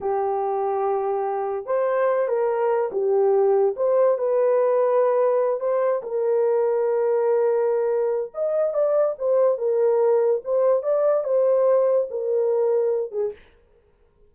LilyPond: \new Staff \with { instrumentName = "horn" } { \time 4/4 \tempo 4 = 144 g'1 | c''4. ais'4. g'4~ | g'4 c''4 b'2~ | b'4. c''4 ais'4.~ |
ais'1 | dis''4 d''4 c''4 ais'4~ | ais'4 c''4 d''4 c''4~ | c''4 ais'2~ ais'8 gis'8 | }